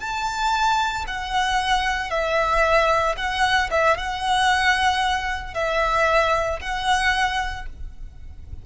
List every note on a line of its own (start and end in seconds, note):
0.00 1.05 A5
1.07 2.11 F#5
2.11 3.16 E5
3.17 3.70 F#5
3.71 3.97 E5
3.97 5.54 F#5
5.54 6.60 E5
6.61 7.66 F#5